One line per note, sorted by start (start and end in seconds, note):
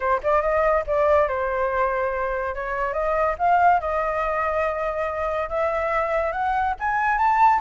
0.00 0.20 C5
0.23 0.41 D5
0.41 0.84 D#5
0.86 1.28 D5
1.28 2.54 C5
2.54 2.93 C#5
2.93 3.35 D#5
3.38 3.80 F5
3.80 5.49 D#5
5.49 6.32 E5
6.32 6.74 F#5
6.79 7.17 G#5
7.17 7.60 A5